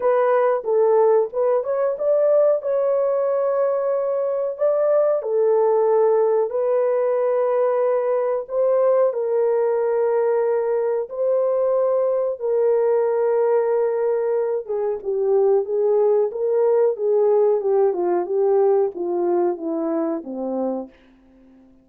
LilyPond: \new Staff \with { instrumentName = "horn" } { \time 4/4 \tempo 4 = 92 b'4 a'4 b'8 cis''8 d''4 | cis''2. d''4 | a'2 b'2~ | b'4 c''4 ais'2~ |
ais'4 c''2 ais'4~ | ais'2~ ais'8 gis'8 g'4 | gis'4 ais'4 gis'4 g'8 f'8 | g'4 f'4 e'4 c'4 | }